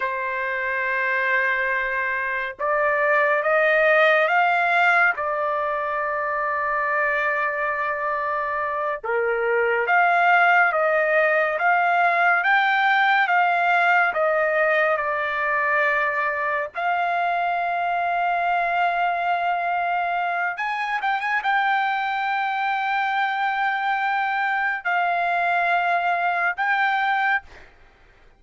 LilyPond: \new Staff \with { instrumentName = "trumpet" } { \time 4/4 \tempo 4 = 70 c''2. d''4 | dis''4 f''4 d''2~ | d''2~ d''8 ais'4 f''8~ | f''8 dis''4 f''4 g''4 f''8~ |
f''8 dis''4 d''2 f''8~ | f''1 | gis''8 g''16 gis''16 g''2.~ | g''4 f''2 g''4 | }